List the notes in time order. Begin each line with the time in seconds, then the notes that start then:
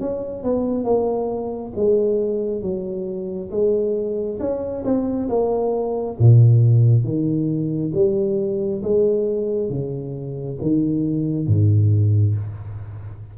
0.00 C#4
0.43 B3
0.84 A#3
1.75 G#3
2.61 F#3
3.50 G#3
4.39 C#4
4.84 C4
5.29 A#3
6.18 A#2
7.03 D#3
7.94 G3
8.83 G#3
9.69 C#3
10.61 D#3
11.46 G#2